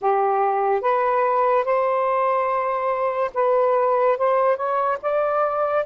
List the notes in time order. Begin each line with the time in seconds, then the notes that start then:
0.01 G4
0.81 B4
1.64 C5
3.34 B4
4.17 C5
4.56 C#5
5.02 D5